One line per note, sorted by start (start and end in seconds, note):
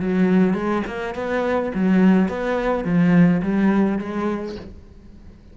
0.00 0.54 F#3
0.54 0.82 G#3
0.87 1.15 A#3
1.15 1.72 B3
1.74 2.28 F#3
2.28 2.84 B3
2.84 3.41 F3
3.43 3.98 G3
3.98 4.56 G#3